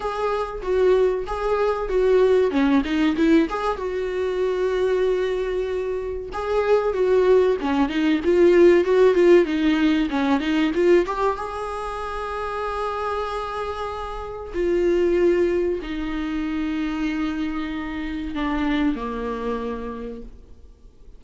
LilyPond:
\new Staff \with { instrumentName = "viola" } { \time 4/4 \tempo 4 = 95 gis'4 fis'4 gis'4 fis'4 | cis'8 dis'8 e'8 gis'8 fis'2~ | fis'2 gis'4 fis'4 | cis'8 dis'8 f'4 fis'8 f'8 dis'4 |
cis'8 dis'8 f'8 g'8 gis'2~ | gis'2. f'4~ | f'4 dis'2.~ | dis'4 d'4 ais2 | }